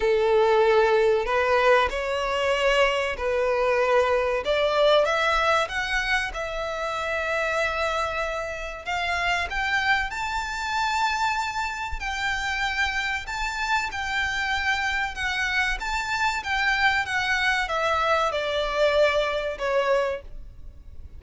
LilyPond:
\new Staff \with { instrumentName = "violin" } { \time 4/4 \tempo 4 = 95 a'2 b'4 cis''4~ | cis''4 b'2 d''4 | e''4 fis''4 e''2~ | e''2 f''4 g''4 |
a''2. g''4~ | g''4 a''4 g''2 | fis''4 a''4 g''4 fis''4 | e''4 d''2 cis''4 | }